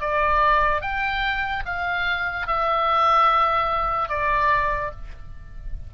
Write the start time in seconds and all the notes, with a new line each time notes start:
0.00 D5
0.81 G5
1.65 F5
2.47 E5
4.09 D5